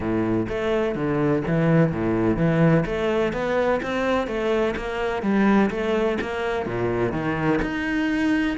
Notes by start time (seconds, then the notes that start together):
0.00 A2
0.48 A3
0.95 D3
1.47 E3
1.92 A2
2.36 E3
2.85 A3
3.32 B3
3.82 C4
4.27 A3
4.76 A#3
5.22 G3
5.70 A3
6.21 A#3
6.66 A#2
7.12 D#3
7.61 D#4